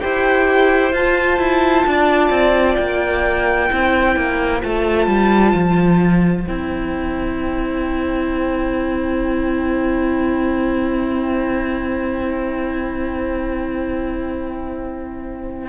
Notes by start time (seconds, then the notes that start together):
0.00 E4 G4 C5 G5
0.92 F4 A5
1.38 E4
1.86 D4 D5
2.30 C4
2.75 A#3 G5
3.70 C4 E4 C5
4.16 A#3
4.62 A3 F4 A5
5.07 G3
5.54 F3
6.47 C4 E4 G5